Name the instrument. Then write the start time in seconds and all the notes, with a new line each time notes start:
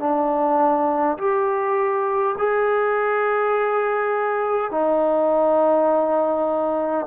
trombone
0.00 D4
1.18 G4
2.39 G#4
4.71 D#4